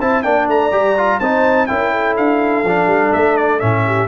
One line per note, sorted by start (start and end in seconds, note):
0.00 0.25 C4
0.00 0.24 E4
0.00 0.24 C5
0.00 0.23 A5
0.23 0.48 A#3
0.23 0.72 D4
0.23 1.20 D5
0.23 0.47 G5
0.48 0.72 A3
0.48 1.20 A#5
0.72 1.20 G3
0.72 0.96 G4
0.97 1.21 F4
1.20 1.69 C4
1.20 1.69 D#4
1.20 1.68 C5
1.20 1.67 A5
1.67 2.18 C#4
1.67 2.65 E4
1.67 1.92 A#4
1.67 2.15 G5
1.92 3.84 A4
2.17 2.64 D4
2.17 3.13 F5
2.64 2.87 F3
2.64 3.60 D4
2.87 3.11 G3
3.13 3.62 A3
3.13 3.37 E5
3.37 3.60 D5
3.60 4.08 A2
3.60 4.08 C#4
3.60 4.08 E5
3.86 4.08 G4